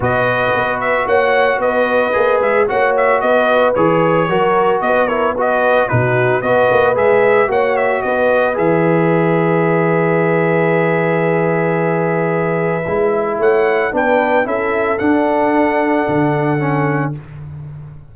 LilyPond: <<
  \new Staff \with { instrumentName = "trumpet" } { \time 4/4 \tempo 4 = 112 dis''4. e''8 fis''4 dis''4~ | dis''8 e''8 fis''8 e''8 dis''4 cis''4~ | cis''4 dis''8 cis''8 dis''4 b'4 | dis''4 e''4 fis''8 e''8 dis''4 |
e''1~ | e''1~ | e''4 fis''4 g''4 e''4 | fis''1 | }
  \new Staff \with { instrumentName = "horn" } { \time 4/4 b'2 cis''4 b'4~ | b'4 cis''4 b'2 | ais'4 b'8 ais'8 b'4 fis'4 | b'2 cis''4 b'4~ |
b'1~ | b'1~ | b'4 cis''4 b'4 a'4~ | a'1 | }
  \new Staff \with { instrumentName = "trombone" } { \time 4/4 fis'1 | gis'4 fis'2 gis'4 | fis'4. e'8 fis'4 dis'4 | fis'4 gis'4 fis'2 |
gis'1~ | gis'1 | e'2 d'4 e'4 | d'2. cis'4 | }
  \new Staff \with { instrumentName = "tuba" } { \time 4/4 b,4 b4 ais4 b4 | ais8 gis8 ais4 b4 e4 | fis4 b2 b,4 | b8 ais8 gis4 ais4 b4 |
e1~ | e1 | gis4 a4 b4 cis'4 | d'2 d2 | }
>>